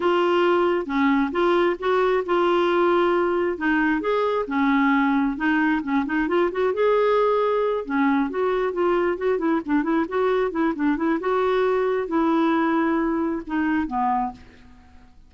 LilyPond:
\new Staff \with { instrumentName = "clarinet" } { \time 4/4 \tempo 4 = 134 f'2 cis'4 f'4 | fis'4 f'2. | dis'4 gis'4 cis'2 | dis'4 cis'8 dis'8 f'8 fis'8 gis'4~ |
gis'4. cis'4 fis'4 f'8~ | f'8 fis'8 e'8 d'8 e'8 fis'4 e'8 | d'8 e'8 fis'2 e'4~ | e'2 dis'4 b4 | }